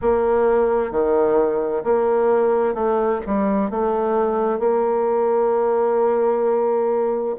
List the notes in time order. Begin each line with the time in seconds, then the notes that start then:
0.01 A#3
0.91 D#3
1.84 A#3
2.74 A3
3.26 G3
3.70 A3
4.59 A#3